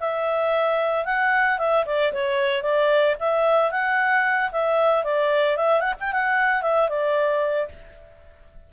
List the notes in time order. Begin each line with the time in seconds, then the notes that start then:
0.00 E5
1.05 F#5
1.58 E5
1.86 D5
2.13 C#5
2.62 D5
3.20 E5
3.71 F#5
4.52 E5
5.04 D5
5.57 E5
5.80 F#5
6.00 G5
6.12 F#5
6.62 E5
6.89 D5